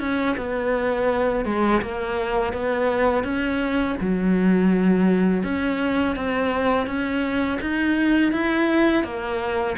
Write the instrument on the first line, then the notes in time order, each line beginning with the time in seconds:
cello
0.00 C#4
0.37 B3
1.46 G#3
1.82 A#3
2.53 B3
3.24 C#4
4.01 F#3
5.44 C#4
6.16 C4
6.87 C#4
7.61 D#4
8.32 E4
9.04 A#3